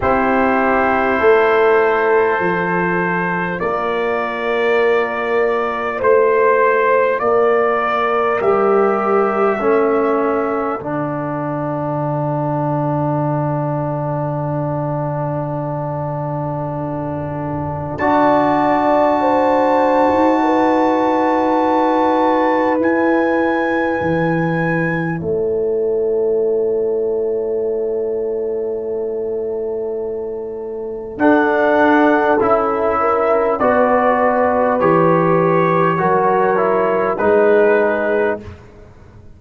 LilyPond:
<<
  \new Staff \with { instrumentName = "trumpet" } { \time 4/4 \tempo 4 = 50 c''2. d''4~ | d''4 c''4 d''4 e''4~ | e''4 fis''2.~ | fis''2. a''4~ |
a''2. gis''4~ | gis''4 a''2.~ | a''2 fis''4 e''4 | d''4 cis''2 b'4 | }
  \new Staff \with { instrumentName = "horn" } { \time 4/4 g'4 a'2 ais'4~ | ais'4 c''4 ais'2 | a'1~ | a'2. d''4 |
c''4 b'2.~ | b'4 cis''2.~ | cis''2 a'4. ais'8 | b'2 ais'4 gis'4 | }
  \new Staff \with { instrumentName = "trombone" } { \time 4/4 e'2 f'2~ | f'2. g'4 | cis'4 d'2.~ | d'2. fis'4~ |
fis'2. e'4~ | e'1~ | e'2 d'4 e'4 | fis'4 g'4 fis'8 e'8 dis'4 | }
  \new Staff \with { instrumentName = "tuba" } { \time 4/4 c'4 a4 f4 ais4~ | ais4 a4 ais4 g4 | a4 d2.~ | d2. d'4~ |
d'8. dis'2~ dis'16 e'4 | e4 a2.~ | a2 d'4 cis'4 | b4 e4 fis4 gis4 | }
>>